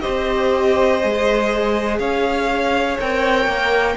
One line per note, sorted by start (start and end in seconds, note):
0.00 1.04 C4
0.00 1.00 G4
0.00 1.99 C5
0.00 1.97 D#5
1.02 1.99 G#3
1.02 2.98 G#4
1.99 2.98 C#4
1.99 3.96 C#5
1.99 2.97 F5
2.99 3.46 C4
2.99 3.97 A#4
2.99 3.97 G5
3.46 3.95 A#3